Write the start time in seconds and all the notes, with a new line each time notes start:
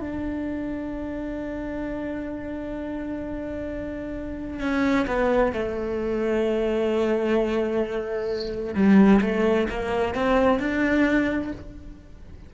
0.00 D4
4.60 C#4
5.07 B3
5.53 A3
8.74 G3
9.21 A3
9.69 A#3
10.15 C4
10.59 D4